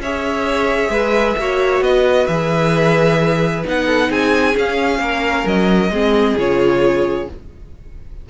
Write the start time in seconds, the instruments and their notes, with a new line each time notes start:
0.00 cello C#4, viola G#4, violin C#5 E5
0.89 cello G#3, violin B4
1.38 cello A#3, viola F#4, violin C#5
1.81 cello B3, violin B4 D#5
2.27 cello E3, viola G#4, violin E5
3.64 cello B3, viola D#4, violin F#5
3.86 violin A4
4.10 cello C4, violin G#4 G#5
4.54 viola C#4, cello C#4, violin F5
4.99 cello A#3, violin A#4
5.46 cello F#3, violin D#5
5.90 cello G#3, viola C4, violin G#4
6.37 cello C#3, viola F4, violin C#5